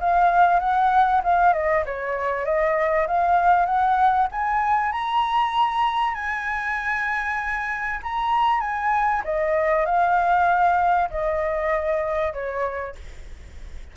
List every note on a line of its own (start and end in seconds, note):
0.00 0.60 F5
0.60 1.22 F#5
1.24 1.53 F5
1.53 1.84 D#5
1.86 2.45 C#5
2.45 3.07 D#5
3.07 3.66 F5
3.66 4.28 F#5
4.32 4.92 G#5
4.92 6.14 A#5
6.14 8.00 G#5
8.03 8.61 A#5
8.61 9.22 G#5
9.25 9.86 D#5
9.86 11.09 F5
11.10 12.33 D#5
12.33 12.95 C#5